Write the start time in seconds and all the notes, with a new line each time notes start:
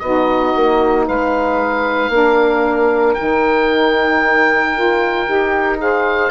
0.00 B3 D#4 F#4 D#5
0.56 A#3
1.07 G#3 B4 F5
2.10 A#3 D4 A#4
3.14 D#4 G5
3.21 D#3
4.76 F4
5.27 D#4 G4
5.78 G#4 C5 F5